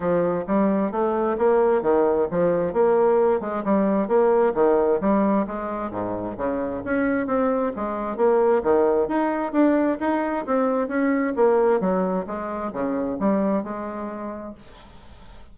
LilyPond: \new Staff \with { instrumentName = "bassoon" } { \time 4/4 \tempo 4 = 132 f4 g4 a4 ais4 | dis4 f4 ais4. gis8 | g4 ais4 dis4 g4 | gis4 gis,4 cis4 cis'4 |
c'4 gis4 ais4 dis4 | dis'4 d'4 dis'4 c'4 | cis'4 ais4 fis4 gis4 | cis4 g4 gis2 | }